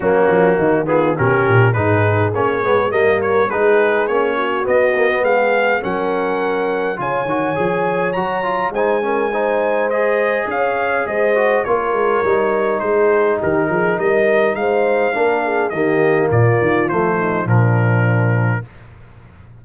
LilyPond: <<
  \new Staff \with { instrumentName = "trumpet" } { \time 4/4 \tempo 4 = 103 fis'4. gis'8 ais'4 b'4 | cis''4 dis''8 cis''8 b'4 cis''4 | dis''4 f''4 fis''2 | gis''2 ais''4 gis''4~ |
gis''4 dis''4 f''4 dis''4 | cis''2 c''4 ais'4 | dis''4 f''2 dis''4 | d''4 c''4 ais'2 | }
  \new Staff \with { instrumentName = "horn" } { \time 4/4 cis'4 dis'8 f'8 g'4 gis'4~ | gis'4 ais'4 gis'4. fis'8~ | fis'4 gis'4 ais'2 | cis''2. c''8 ais'8 |
c''2 cis''4 c''4 | ais'2 gis'4 g'8 gis'8 | ais'4 c''4 ais'8 gis'8 g'4 | f'4. dis'8 d'2 | }
  \new Staff \with { instrumentName = "trombone" } { \time 4/4 ais4. b8 cis'4 dis'4 | cis'8 b8 ais4 dis'4 cis'4 | b8 ais16 b4~ b16 cis'2 | f'8 fis'8 gis'4 fis'8 f'8 dis'8 cis'8 |
dis'4 gis'2~ gis'8 fis'8 | f'4 dis'2.~ | dis'2 d'4 ais4~ | ais4 a4 f2 | }
  \new Staff \with { instrumentName = "tuba" } { \time 4/4 fis8 f8 dis4 b,8 ais,8 gis,4 | ais8 gis8 g4 gis4 ais4 | b4 gis4 fis2 | cis8 dis8 f4 fis4 gis4~ |
gis2 cis'4 gis4 | ais8 gis8 g4 gis4 dis8 f8 | g4 gis4 ais4 dis4 | ais,8 dis8 f4 ais,2 | }
>>